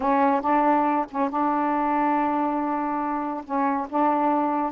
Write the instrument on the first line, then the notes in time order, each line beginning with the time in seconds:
saxophone
0.00 C#4
0.41 D4
1.10 C#4
1.29 D4
3.44 C#4
3.89 D4